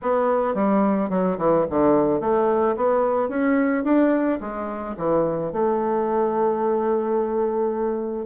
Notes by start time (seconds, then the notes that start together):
0.02 B3
0.54 G3
1.09 F#3
1.38 E3
1.69 D3
2.20 A3
2.76 B3
3.29 C#4
3.84 D4
4.40 G#3
4.97 E3
5.52 A3